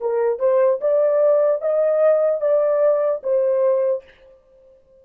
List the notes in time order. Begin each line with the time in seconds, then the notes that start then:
0.00 A#4
0.39 C5
0.80 D5
1.61 D#5
2.40 D5
3.23 C5